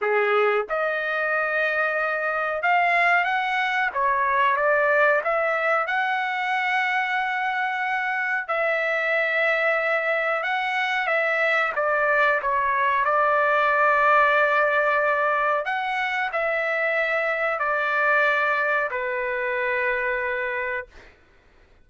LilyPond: \new Staff \with { instrumentName = "trumpet" } { \time 4/4 \tempo 4 = 92 gis'4 dis''2. | f''4 fis''4 cis''4 d''4 | e''4 fis''2.~ | fis''4 e''2. |
fis''4 e''4 d''4 cis''4 | d''1 | fis''4 e''2 d''4~ | d''4 b'2. | }